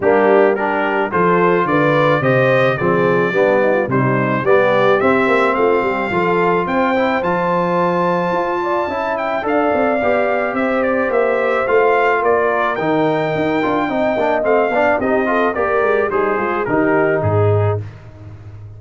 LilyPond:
<<
  \new Staff \with { instrumentName = "trumpet" } { \time 4/4 \tempo 4 = 108 g'4 ais'4 c''4 d''4 | dis''4 d''2 c''4 | d''4 e''4 f''2 | g''4 a''2.~ |
a''8 g''8 f''2 e''8 d''8 | e''4 f''4 d''4 g''4~ | g''2 f''4 dis''4 | d''4 c''4 ais'4 gis'4 | }
  \new Staff \with { instrumentName = "horn" } { \time 4/4 d'4 g'4 a'4 b'4 | c''4 gis'4 d'8 dis'16 f'16 dis'4 | g'2 f'8 g'8 a'4 | c''2.~ c''8 d''8 |
e''4 d''2 c''4~ | c''2 ais'2~ | ais'4 dis''4. d''8 g'8 a'8 | ais'4 dis'8 f'8 g'4 gis'4 | }
  \new Staff \with { instrumentName = "trombone" } { \time 4/4 ais4 d'4 f'2 | g'4 c'4 b4 g4 | b4 c'2 f'4~ | f'8 e'8 f'2. |
e'4 a'4 g'2~ | g'4 f'2 dis'4~ | dis'8 f'8 dis'8 d'8 c'8 d'8 dis'8 f'8 | g'4 gis'4 dis'2 | }
  \new Staff \with { instrumentName = "tuba" } { \time 4/4 g2 f4 d4 | c4 f4 g4 c4 | g4 c'8 ais8 a8 g8 f4 | c'4 f2 f'4 |
cis'4 d'8 c'8 b4 c'4 | ais4 a4 ais4 dis4 | dis'8 d'8 c'8 ais8 a8 b8 c'4 | ais8 gis8 g8 gis8 dis4 gis,4 | }
>>